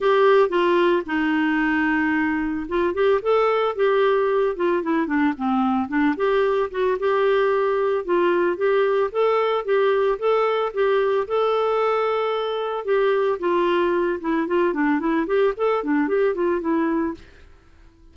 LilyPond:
\new Staff \with { instrumentName = "clarinet" } { \time 4/4 \tempo 4 = 112 g'4 f'4 dis'2~ | dis'4 f'8 g'8 a'4 g'4~ | g'8 f'8 e'8 d'8 c'4 d'8 g'8~ | g'8 fis'8 g'2 f'4 |
g'4 a'4 g'4 a'4 | g'4 a'2. | g'4 f'4. e'8 f'8 d'8 | e'8 g'8 a'8 d'8 g'8 f'8 e'4 | }